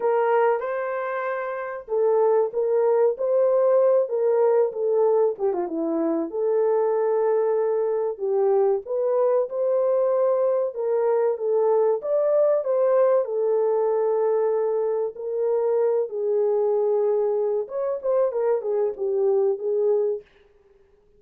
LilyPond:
\new Staff \with { instrumentName = "horn" } { \time 4/4 \tempo 4 = 95 ais'4 c''2 a'4 | ais'4 c''4. ais'4 a'8~ | a'8 g'16 f'16 e'4 a'2~ | a'4 g'4 b'4 c''4~ |
c''4 ais'4 a'4 d''4 | c''4 a'2. | ais'4. gis'2~ gis'8 | cis''8 c''8 ais'8 gis'8 g'4 gis'4 | }